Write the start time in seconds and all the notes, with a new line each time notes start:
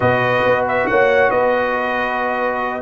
0.00 B2 F#4 B4 D#5
0.45 B3
0.68 E5
0.86 A#3 C#5 F#5
1.30 B3 B4 D#5